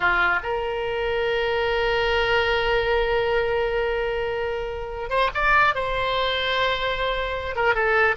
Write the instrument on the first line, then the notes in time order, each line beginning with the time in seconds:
oboe
0.00 F4
0.43 A#4
5.09 C5
5.34 D5
5.74 C5
7.55 A#4
7.74 A4